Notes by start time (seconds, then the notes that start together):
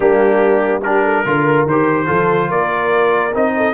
0.00 G3 A#3 D4 G4
0.83 D4 G4 A#4
1.03 A4
1.25 D3 F4 A#4
1.65 D#3 G4 C5
2.06 F3 F4 A4
2.47 A#3 A#4 D5
3.34 C4 D#4 D#5
3.56 A4